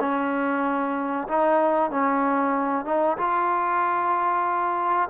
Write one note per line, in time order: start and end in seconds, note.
0.00 1.28 C#4
1.28 1.91 D#4
1.91 2.85 C#4
2.85 3.17 D#4
3.17 5.09 F4